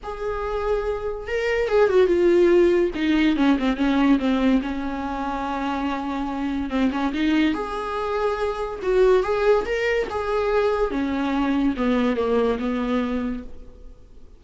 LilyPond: \new Staff \with { instrumentName = "viola" } { \time 4/4 \tempo 4 = 143 gis'2. ais'4 | gis'8 fis'8 f'2 dis'4 | cis'8 c'8 cis'4 c'4 cis'4~ | cis'1 |
c'8 cis'8 dis'4 gis'2~ | gis'4 fis'4 gis'4 ais'4 | gis'2 cis'2 | b4 ais4 b2 | }